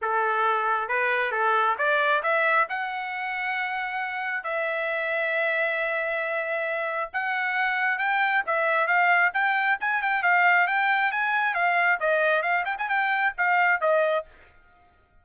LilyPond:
\new Staff \with { instrumentName = "trumpet" } { \time 4/4 \tempo 4 = 135 a'2 b'4 a'4 | d''4 e''4 fis''2~ | fis''2 e''2~ | e''1 |
fis''2 g''4 e''4 | f''4 g''4 gis''8 g''8 f''4 | g''4 gis''4 f''4 dis''4 | f''8 g''16 gis''16 g''4 f''4 dis''4 | }